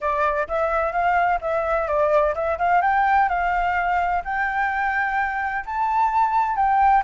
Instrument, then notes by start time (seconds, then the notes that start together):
flute
0.00 D5
0.48 E5
0.92 F5
1.41 E5
1.87 D5
2.34 E5
2.58 F5
2.81 G5
3.28 F5
4.24 G5
5.65 A5
6.56 G5